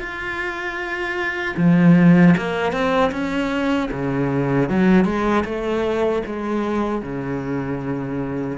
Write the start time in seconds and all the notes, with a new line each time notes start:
0.00 F4
1.58 F3
2.38 A#3
2.73 C4
3.12 C#4
3.92 C#3
4.70 F#3
5.05 G#3
5.45 A3
6.26 G#3
7.03 C#3